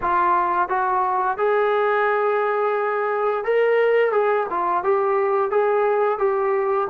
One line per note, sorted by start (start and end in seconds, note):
0.01 0.68 F4
0.68 1.37 F#4
1.37 3.44 G#4
3.44 4.12 A#4
4.12 4.46 G#4
4.50 4.83 F4
4.83 5.50 G4
5.50 6.18 G#4
6.18 6.87 G4